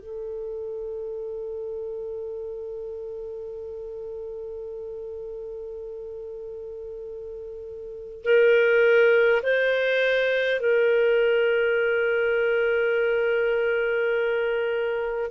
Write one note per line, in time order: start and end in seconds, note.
0.00 8.24 A4
8.24 9.42 A#4
9.43 10.60 C5
10.60 15.31 A#4